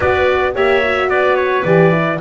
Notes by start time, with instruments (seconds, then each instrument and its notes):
0.00 double bass B3, horn F#4, clarinet B4, trumpet D5
0.54 double bass A#3, horn G4, clarinet C#5, trumpet E5
0.83 horn F#4
1.08 double bass B3, clarinet B4, trumpet D5
1.35 trumpet C#5
1.64 double bass E3, horn G4, trumpet D5
1.91 horn E4